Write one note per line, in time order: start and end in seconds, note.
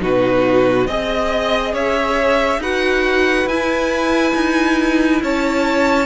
0.00 0.87 B2
0.00 0.87 D#4
0.00 0.88 F#4
0.00 0.87 B4
0.87 1.74 C4
0.87 2.62 G#4
0.87 1.74 D#5
1.74 2.58 C#4
1.74 2.61 C#5
1.74 2.62 E5
2.58 3.45 D#4
2.58 3.49 F#4
2.58 5.23 B4
2.58 3.48 F#5
3.46 4.33 E4
3.46 6.06 E4
3.46 5.22 G#5
4.35 5.22 D#4
5.23 6.06 C#4
5.23 6.06 C#5
5.23 6.06 A5